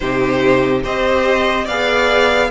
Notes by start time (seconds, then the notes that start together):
0.00 C3 D#4 G4 C5
0.83 C4 G4 C5 D#5
1.64 B3 G#4 D5 F5